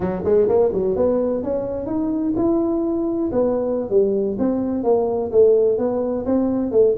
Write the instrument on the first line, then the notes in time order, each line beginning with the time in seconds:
tuba
0.00 F#3
0.24 G#3
0.48 A#3
0.73 F#3
0.96 B3
1.43 C#4
1.86 D#4
2.36 E4
3.32 B3
3.90 G3
4.39 C4
4.83 A#3
5.31 A3
5.78 B3
6.25 C4
6.71 A3